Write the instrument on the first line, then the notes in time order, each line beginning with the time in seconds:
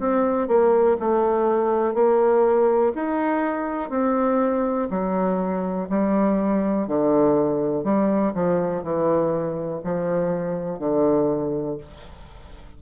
bassoon
0.00 C4
0.48 A#3
1.00 A3
1.94 A#3
2.96 D#4
3.90 C4
4.91 F#3
5.90 G3
6.88 D3
7.84 G3
8.35 F3
8.83 E3
9.84 F3
10.79 D3